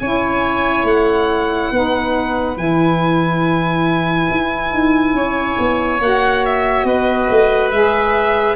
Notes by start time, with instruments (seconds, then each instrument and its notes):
0.00 tuba C#4, saxophone E4, oboe C#5, violin G#5
0.84 tuba A3, violin F#5
1.71 tuba B3, saxophone D#4, oboe B4
2.56 tuba E3, saxophone E4, violin G#5
4.31 tuba E4
4.72 tuba D#4
5.14 tuba C#4, oboe C#5
5.59 tuba B3
6.00 tuba A#3, saxophone F#4, violin F#5
6.46 violin E5
6.84 tuba B3, oboe B4, violin D#5
7.30 tuba A3
7.71 tuba G#3, saxophone G#4, violin E5